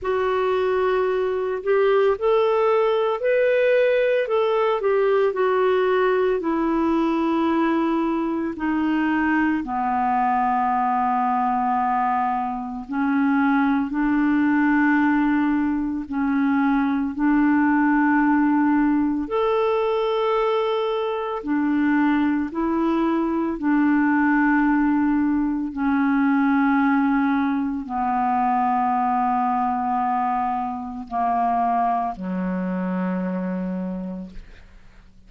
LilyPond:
\new Staff \with { instrumentName = "clarinet" } { \time 4/4 \tempo 4 = 56 fis'4. g'8 a'4 b'4 | a'8 g'8 fis'4 e'2 | dis'4 b2. | cis'4 d'2 cis'4 |
d'2 a'2 | d'4 e'4 d'2 | cis'2 b2~ | b4 ais4 fis2 | }